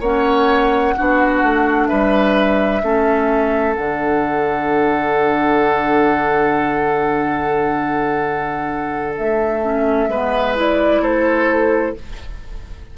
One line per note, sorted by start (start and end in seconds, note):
0.00 0.94 A#3
0.00 0.96 C#4
0.00 0.94 C#5
0.00 1.87 F#5
0.96 1.43 B3
0.96 2.82 D4
0.96 1.88 F#4
1.43 1.89 A3
1.87 2.82 G3
1.87 2.82 B4
1.87 3.74 E5
2.82 3.76 A3
2.82 3.75 C#4
2.82 10.10 A4
3.75 9.17 D3
3.75 9.61 D4
3.75 9.14 F#5
9.17 10.08 A3
9.17 10.58 E5
9.62 10.09 C#4
10.08 11.00 G#3
10.08 10.55 B3
10.08 11.02 B4
10.55 11.96 E4
10.55 11.03 D5
11.00 11.93 A3
11.00 11.95 A4
11.00 11.97 C5